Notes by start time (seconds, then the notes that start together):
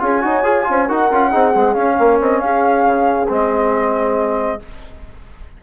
0.00 C#4 F4 G#4 G#5
0.22 D#4 F#4 C#5
0.44 F4 G#4
0.65 C#4 F4 C5
0.89 D#4 F#4 A#4 F#5
1.11 C#4 F4
1.30 C4 D#4 G#4
1.54 G#3 C4
1.73 C#4 F5
2.00 A#3 A#4
2.21 C4 D#5
2.40 C#4 G#4 F5
2.86 C#3
3.29 G#3 C4 D#5